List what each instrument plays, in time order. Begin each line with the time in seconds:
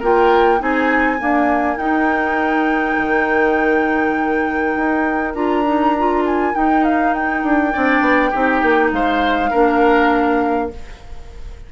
0.00 bassoon A#3, clarinet F4, oboe A#4, flute G5
0.59 bassoon C4, clarinet D#4, oboe G#4, flute G#5
1.19 clarinet A#3, bassoon D4, oboe A#4
1.77 bassoon D#4, clarinet D#4, flute G5
2.98 bassoon D#3
4.76 bassoon D#4
5.34 bassoon D4, clarinet F4, flute A#5
5.66 clarinet D#4
5.99 clarinet F4
6.26 flute G#5
6.54 clarinet D#4, bassoon D#4, flute G5
6.85 flute F5
7.14 flute G5
7.44 bassoon D4
7.73 bassoon C4, clarinet D4, oboe D5
8.01 bassoon B3
8.31 bassoon C4, clarinet D#4, oboe G4
8.63 bassoon A#3
8.92 bassoon G#3, oboe C5, flute F5
9.51 bassoon A#3, clarinet D4, oboe A#4